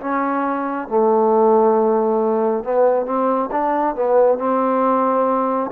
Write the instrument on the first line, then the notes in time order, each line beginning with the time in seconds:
trombone
0.00 C#4
0.88 A3
2.63 B3
3.05 C4
3.51 D4
3.95 B3
4.38 C4